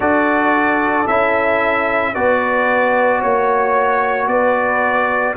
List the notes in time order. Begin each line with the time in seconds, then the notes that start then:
0.00 D4 F#4 A4 D5
1.07 C#4 E4 E5
2.14 B3 F#4 B4 D5
3.19 A#3 C#5
4.27 B3 B4 D5